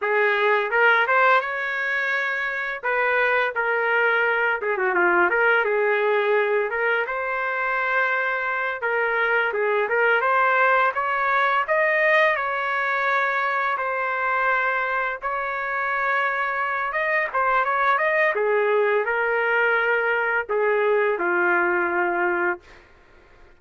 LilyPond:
\new Staff \with { instrumentName = "trumpet" } { \time 4/4 \tempo 4 = 85 gis'4 ais'8 c''8 cis''2 | b'4 ais'4. gis'16 fis'16 f'8 ais'8 | gis'4. ais'8 c''2~ | c''8 ais'4 gis'8 ais'8 c''4 cis''8~ |
cis''8 dis''4 cis''2 c''8~ | c''4. cis''2~ cis''8 | dis''8 c''8 cis''8 dis''8 gis'4 ais'4~ | ais'4 gis'4 f'2 | }